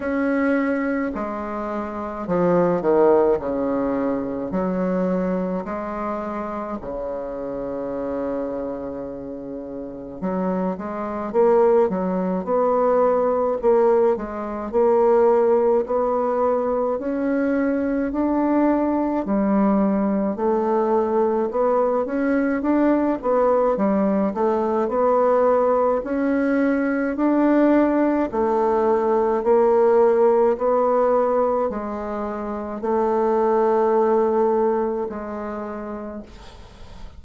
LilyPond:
\new Staff \with { instrumentName = "bassoon" } { \time 4/4 \tempo 4 = 53 cis'4 gis4 f8 dis8 cis4 | fis4 gis4 cis2~ | cis4 fis8 gis8 ais8 fis8 b4 | ais8 gis8 ais4 b4 cis'4 |
d'4 g4 a4 b8 cis'8 | d'8 b8 g8 a8 b4 cis'4 | d'4 a4 ais4 b4 | gis4 a2 gis4 | }